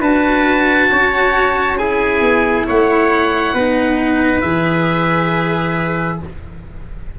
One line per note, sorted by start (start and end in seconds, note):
0.00 0.88 D4
0.00 1.78 F#4
0.00 0.89 B4
0.00 1.78 A5
0.91 2.21 C#4
0.91 1.79 C#5
1.78 3.55 E4
1.78 2.67 G#4
1.78 2.66 G#5
2.21 2.65 B3
2.67 3.54 A3
2.67 3.54 C#5
2.67 4.41 F#5
3.54 4.42 B3
3.54 4.42 D#4
3.54 6.19 B4
4.41 6.19 E3
4.41 6.19 G#4
4.41 6.18 E5